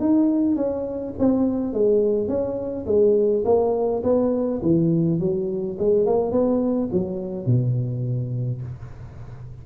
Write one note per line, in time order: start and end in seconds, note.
0.00 0.56 D#4
0.56 1.14 C#4
1.19 1.73 C4
1.73 2.28 G#3
2.28 2.86 C#4
2.86 3.44 G#3
3.45 4.03 A#3
4.03 4.61 B3
4.62 5.19 E3
5.19 5.77 F#3
5.79 6.06 G#3
6.06 6.31 A#3
6.31 6.89 B3
6.92 7.46 F#3
7.46 8.61 B2